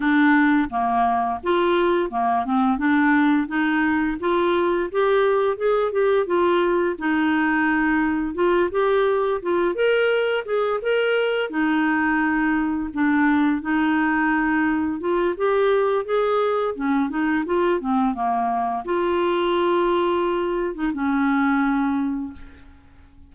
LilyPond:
\new Staff \with { instrumentName = "clarinet" } { \time 4/4 \tempo 4 = 86 d'4 ais4 f'4 ais8 c'8 | d'4 dis'4 f'4 g'4 | gis'8 g'8 f'4 dis'2 | f'8 g'4 f'8 ais'4 gis'8 ais'8~ |
ais'8 dis'2 d'4 dis'8~ | dis'4. f'8 g'4 gis'4 | cis'8 dis'8 f'8 c'8 ais4 f'4~ | f'4.~ f'16 dis'16 cis'2 | }